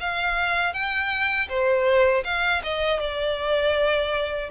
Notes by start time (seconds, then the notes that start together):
0.00 F5
0.73 G5
1.49 C5
2.24 F5
2.63 D#5
2.99 D5